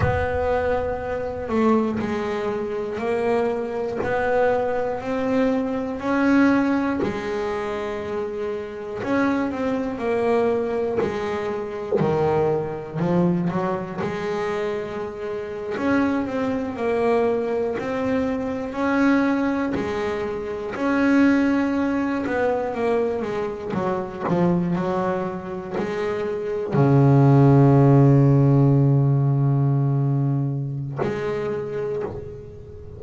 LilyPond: \new Staff \with { instrumentName = "double bass" } { \time 4/4 \tempo 4 = 60 b4. a8 gis4 ais4 | b4 c'4 cis'4 gis4~ | gis4 cis'8 c'8 ais4 gis4 | dis4 f8 fis8 gis4.~ gis16 cis'16~ |
cis'16 c'8 ais4 c'4 cis'4 gis16~ | gis8. cis'4. b8 ais8 gis8 fis16~ | fis16 f8 fis4 gis4 cis4~ cis16~ | cis2. gis4 | }